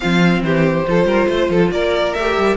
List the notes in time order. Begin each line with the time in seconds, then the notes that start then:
0.00 F3 C4 F4 F5
0.41 E3 G4 C5
0.87 F3 F4 A4
1.04 G3 A#4
1.28 A3 C5
1.49 F3 A4
1.71 A#3 A#4 D5
2.13 A3 G4 E5
2.37 G3